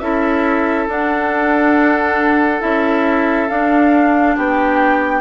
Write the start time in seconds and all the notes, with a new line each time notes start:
0.00 C#4 E4 A4 E5
0.88 D4 F#5
2.60 C#4 E4 E5
3.49 D4 F5
4.36 B3 G4 G5